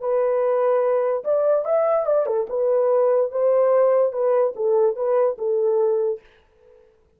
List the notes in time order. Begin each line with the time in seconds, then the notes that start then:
0.00 B4
1.24 D5
1.65 E5
2.06 D5
2.26 A4
2.49 B4
3.31 C5
4.12 B4
4.55 A4
4.96 B4
5.38 A4